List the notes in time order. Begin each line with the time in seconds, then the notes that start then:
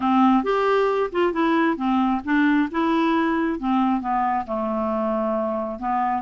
0.00 C4
0.43 G4
1.12 F4
1.32 E4
1.77 C4
2.24 D4
2.71 E4
3.59 C4
4.00 B3
4.46 A3
5.79 B3